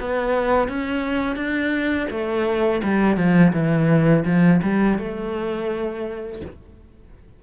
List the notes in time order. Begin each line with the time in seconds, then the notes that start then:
0.00 B3
0.69 C#4
1.36 D4
2.10 A3
2.83 G3
3.17 F3
3.52 E3
4.25 F3
4.62 G3
4.98 A3